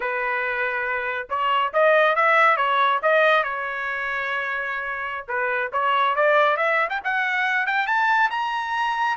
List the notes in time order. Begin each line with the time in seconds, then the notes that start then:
0.00 B4
1.29 C#5
1.73 D#5
2.15 E5
2.56 C#5
3.02 D#5
3.43 C#5
5.28 B4
5.72 C#5
6.15 D5
6.56 E5
6.89 G5
7.04 F#5
7.66 G5
7.86 A5
8.30 A#5